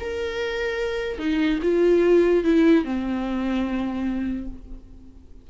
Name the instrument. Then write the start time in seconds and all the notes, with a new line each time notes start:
viola
0.00 A#4
1.18 D#4
1.63 F4
2.44 E4
2.84 C4